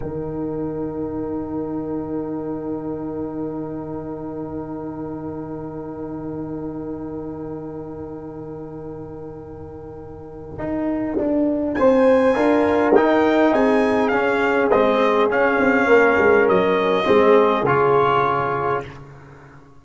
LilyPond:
<<
  \new Staff \with { instrumentName = "trumpet" } { \time 4/4 \tempo 4 = 102 g''1~ | g''1~ | g''1~ | g''1~ |
g''1 | gis''2 g''4 gis''4 | f''4 dis''4 f''2 | dis''2 cis''2 | }
  \new Staff \with { instrumentName = "horn" } { \time 4/4 ais'1~ | ais'1~ | ais'1~ | ais'1~ |
ais'1 | c''4 ais'2 gis'4~ | gis'2. ais'4~ | ais'4 gis'2. | }
  \new Staff \with { instrumentName = "trombone" } { \time 4/4 dis'1~ | dis'1~ | dis'1~ | dis'1~ |
dis'1~ | dis'4 f'4 dis'2 | cis'4 c'4 cis'2~ | cis'4 c'4 f'2 | }
  \new Staff \with { instrumentName = "tuba" } { \time 4/4 dis1~ | dis1~ | dis1~ | dis1~ |
dis2 dis'4 d'4 | c'4 d'4 dis'4 c'4 | cis'4 gis4 cis'8 c'8 ais8 gis8 | fis4 gis4 cis2 | }
>>